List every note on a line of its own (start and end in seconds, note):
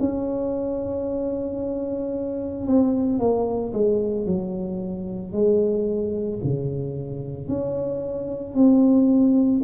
0.00 2.67 C#4
2.67 3.19 C4
3.19 3.73 A#3
3.74 4.27 G#3
4.27 5.33 F#3
5.33 6.40 G#3
6.44 7.49 C#3
7.49 8.55 C#4
8.55 9.62 C4